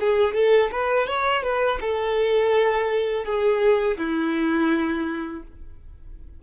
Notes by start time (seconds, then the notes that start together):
0.00 G#4
0.35 A4
0.71 B4
1.08 C#5
1.43 B4
1.81 A4
3.25 G#4
3.98 E4